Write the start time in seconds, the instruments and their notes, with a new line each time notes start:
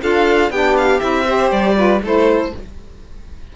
0.00 cello D4, saxophone F4, violin A4 F5
0.50 cello B3, saxophone D4, violin G4 G5
0.77 violin F5
1.00 cello C4, saxophone E4, violin E5
1.25 saxophone G4, violin C5
1.51 cello G3, violin D5
1.75 saxophone F4, violin B4
2.02 cello A3, saxophone E4, violin A4 C5